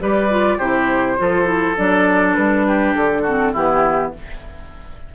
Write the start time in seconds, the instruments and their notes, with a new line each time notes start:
0.00 bassoon G3, clarinet G4, oboe B4, flute D5
0.30 clarinet F4
0.58 bassoon C3, clarinet E4, oboe G4, flute C5
1.17 bassoon F3, clarinet F4, oboe A4
1.45 clarinet E4
1.77 bassoon F#3, clarinet D4, flute D5
2.35 bassoon G3, flute B4
2.67 oboe G4
2.94 bassoon D3, flute A4
3.22 clarinet C4, oboe F#4
3.53 bassoon E3, clarinet B3, oboe E4, flute G4